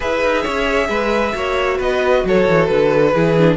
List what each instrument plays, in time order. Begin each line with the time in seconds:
0.00 cello E4, viola G#4, violin B4 E5
0.23 cello D#4
0.42 cello C#4, violin C#5
0.88 cello G#3, violin B4
1.32 cello A#3, viola F#4, violin C#5
1.77 cello B3, violin B4 D#5
2.24 cello F#3, violin A4 C#5
2.47 cello E3
2.66 cello D3, violin B4
3.13 cello E3, viola E4, violin G#4
3.37 viola D4